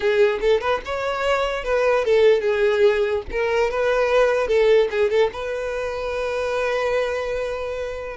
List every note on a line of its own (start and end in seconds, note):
0.00 0.39 G#4
0.40 0.60 A4
0.60 0.81 B4
0.85 1.64 C#5
1.64 2.04 B4
2.04 2.41 A4
2.41 3.22 G#4
3.31 3.70 A#4
3.70 4.47 B4
4.47 4.88 A4
4.91 5.09 G#4
5.09 5.30 A4
5.32 8.16 B4